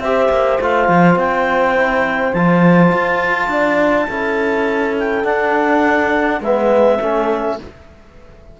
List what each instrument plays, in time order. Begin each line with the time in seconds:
0.00 cello C4, trombone G4, horn C5, clarinet E5
0.30 cello A#3
0.61 cello A3, trombone F4, clarinet F5
0.88 cello F3
1.16 cello C4, clarinet G5
1.76 trombone E4
2.34 cello F3, trombone F4, clarinet A5
2.93 cello F4
3.48 cello D4, horn D5
4.10 cello C#4, trombone E4, horn A4
4.99 clarinet G5
5.24 cello D4, trombone D4, clarinet F#5
6.41 cello G#3, trombone B3, horn B4, clarinet E5
7.01 cello A3, trombone C#4, horn A4